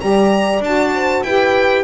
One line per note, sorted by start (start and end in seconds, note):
0.00 0.60 G3
0.00 0.61 G4
0.00 0.93 D5
0.00 0.61 A#5
0.60 1.21 D4
0.60 1.23 A5
0.66 1.27 F#4
0.94 1.24 C5
1.23 1.84 E4
1.23 1.84 G4
1.23 1.84 B4
1.23 1.84 G5